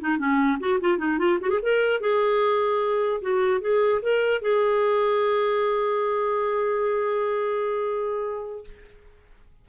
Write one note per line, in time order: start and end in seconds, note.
0.00 0.18 D#4
0.18 0.58 C#4
0.59 0.79 F#4
0.80 0.98 F4
0.98 1.18 D#4
1.18 1.38 F4
1.40 1.49 F#4
1.49 1.59 G#4
1.62 2.00 A#4
2.00 3.21 G#4
3.21 3.61 F#4
3.61 4.01 G#4
4.02 4.41 A#4
4.41 8.64 G#4